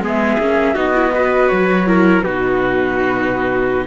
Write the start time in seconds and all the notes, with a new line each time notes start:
0.00 G#3 B3 G#4
0.07 E5
0.38 A#3 C#4
0.74 B3 D#4 F#4 D#5
0.94 E4
1.14 F#4 B4
1.48 F#3 C#5
1.86 E4 A#4
2.22 B2 D#4 F#4 B4